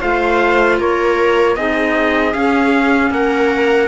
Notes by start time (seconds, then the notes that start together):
0.00 A3 F4 C5 F5
0.79 A#3 A#4 C#5
1.56 C4 D#4 G#4 D#5
2.33 C#4 F5
3.10 A#3 A#4 F#5